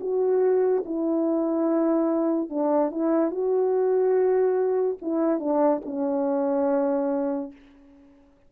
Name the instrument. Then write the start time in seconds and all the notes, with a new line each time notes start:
horn
0.00 F#4
0.85 E4
2.50 D4
2.91 E4
3.31 F#4
5.01 E4
5.39 D4
5.85 C#4